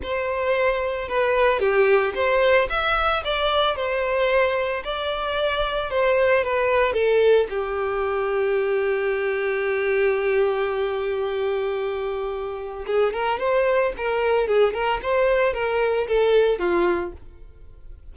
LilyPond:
\new Staff \with { instrumentName = "violin" } { \time 4/4 \tempo 4 = 112 c''2 b'4 g'4 | c''4 e''4 d''4 c''4~ | c''4 d''2 c''4 | b'4 a'4 g'2~ |
g'1~ | g'1 | gis'8 ais'8 c''4 ais'4 gis'8 ais'8 | c''4 ais'4 a'4 f'4 | }